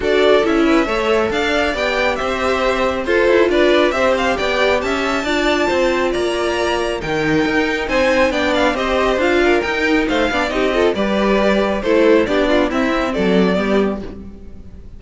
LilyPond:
<<
  \new Staff \with { instrumentName = "violin" } { \time 4/4 \tempo 4 = 137 d''4 e''2 f''4 | g''4 e''2 c''4 | d''4 e''8 f''8 g''4 a''4~ | a''2 ais''2 |
g''2 gis''4 g''8 f''8 | dis''4 f''4 g''4 f''4 | dis''4 d''2 c''4 | d''4 e''4 d''2 | }
  \new Staff \with { instrumentName = "violin" } { \time 4/4 a'4. b'8 cis''4 d''4~ | d''4 c''2 a'4 | b'4 c''4 d''4 e''4 | d''4 c''4 d''2 |
ais'2 c''4 d''4 | c''4. ais'4. c''8 d''8 | g'8 a'8 b'2 a'4 | g'8 f'8 e'4 a'4 g'4 | }
  \new Staff \with { instrumentName = "viola" } { \time 4/4 fis'4 e'4 a'2 | g'2. f'4~ | f'4 g'2. | f'1 |
dis'2. d'4 | g'4 f'4 dis'4. d'8 | dis'8 f'8 g'2 e'4 | d'4 c'2 b4 | }
  \new Staff \with { instrumentName = "cello" } { \time 4/4 d'4 cis'4 a4 d'4 | b4 c'2 f'8 e'8 | d'4 c'4 b4 cis'4 | d'4 c'4 ais2 |
dis4 dis'4 c'4 b4 | c'4 d'4 dis'4 a8 b8 | c'4 g2 a4 | b4 c'4 fis4 g4 | }
>>